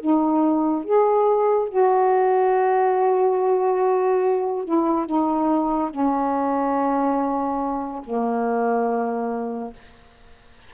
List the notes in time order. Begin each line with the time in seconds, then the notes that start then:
0.00 D#4
0.84 G#4
1.69 F#4
4.64 E4
5.06 D#4
5.90 C#4
8.04 A#3